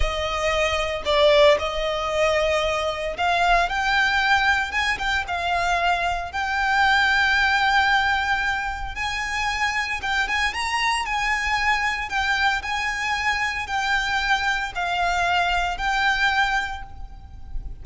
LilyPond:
\new Staff \with { instrumentName = "violin" } { \time 4/4 \tempo 4 = 114 dis''2 d''4 dis''4~ | dis''2 f''4 g''4~ | g''4 gis''8 g''8 f''2 | g''1~ |
g''4 gis''2 g''8 gis''8 | ais''4 gis''2 g''4 | gis''2 g''2 | f''2 g''2 | }